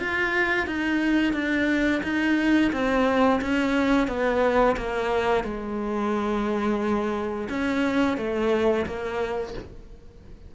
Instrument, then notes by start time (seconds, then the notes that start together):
cello
0.00 F4
0.67 D#4
1.34 D4
2.04 D#4
2.73 C4
3.41 C#4
4.08 B3
4.77 A#3
5.44 G#3
7.50 C#4
8.18 A3
8.86 A#3